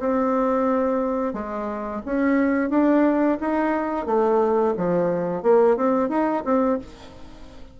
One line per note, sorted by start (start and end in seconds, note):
0.00 1.34 C4
1.34 2.02 G#3
2.05 2.70 C#4
2.70 3.38 D4
3.40 4.06 D#4
4.06 4.74 A3
4.77 5.43 F3
5.43 5.77 A#3
5.77 6.09 C4
6.09 6.43 D#4
6.45 6.79 C4